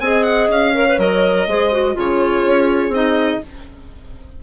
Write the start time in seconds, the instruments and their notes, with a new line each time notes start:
0.00 bassoon C4, clarinet G#4, horn D#5, violin G#5
0.23 violin F#5
0.49 bassoon C#4, violin F5
0.74 clarinet A#4, horn C#5
0.88 clarinet B4
0.98 bassoon F#3, clarinet A#4, violin D#5
1.47 bassoon G#3, clarinet G#4, horn C5
1.72 clarinet F#4
1.94 bassoon C#3, clarinet F4, horn G#4, violin C#5
2.46 bassoon C#4
2.89 bassoon C4, clarinet D#4, violin D#5